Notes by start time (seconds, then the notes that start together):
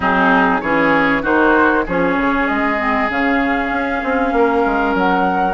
0.00 F#3 C4 D#4 G#4
0.61 E3 C#4 G#4 C#5
1.22 D#3 D#4 F#4 C5
1.86 F3 C#4 G#4 C#5
2.16 C#3
2.47 G#3 D#5
2.78 C4
3.09 C#3 C#4 F5
3.70 C#4
4.03 C4
4.32 A#3 A#4
4.65 G#3
4.94 F#3 F#5